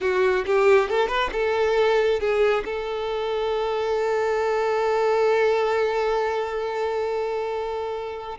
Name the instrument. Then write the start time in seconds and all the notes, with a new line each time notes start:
violin
0.01 F#4
0.45 G4
0.89 A4
1.08 B4
1.32 A4
2.19 G#4
2.65 A4